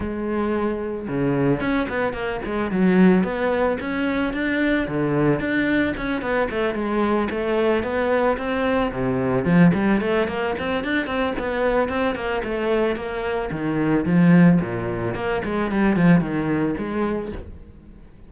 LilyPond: \new Staff \with { instrumentName = "cello" } { \time 4/4 \tempo 4 = 111 gis2 cis4 cis'8 b8 | ais8 gis8 fis4 b4 cis'4 | d'4 d4 d'4 cis'8 b8 | a8 gis4 a4 b4 c'8~ |
c'8 c4 f8 g8 a8 ais8 c'8 | d'8 c'8 b4 c'8 ais8 a4 | ais4 dis4 f4 ais,4 | ais8 gis8 g8 f8 dis4 gis4 | }